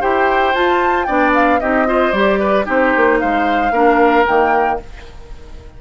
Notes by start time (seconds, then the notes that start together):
0.00 E4 G4 C5 G5
0.54 F4 A5
1.04 B3 D4 D5 G5
1.34 F5
1.60 C4 D#4 G4 D#5
1.86 F4 C5
2.12 G3 G4 D5
2.39 B4
2.64 C4 D#4 G4 C5
2.96 A#3
3.19 G#3 C5 F5
3.71 A#3 D4 A#4
4.26 D#3 A#3 G5